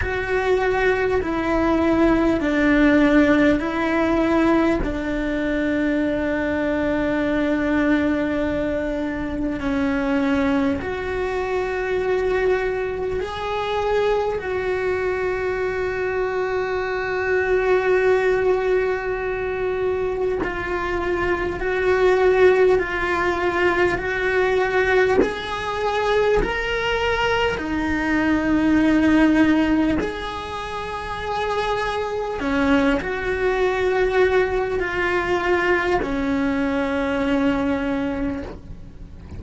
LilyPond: \new Staff \with { instrumentName = "cello" } { \time 4/4 \tempo 4 = 50 fis'4 e'4 d'4 e'4 | d'1 | cis'4 fis'2 gis'4 | fis'1~ |
fis'4 f'4 fis'4 f'4 | fis'4 gis'4 ais'4 dis'4~ | dis'4 gis'2 cis'8 fis'8~ | fis'4 f'4 cis'2 | }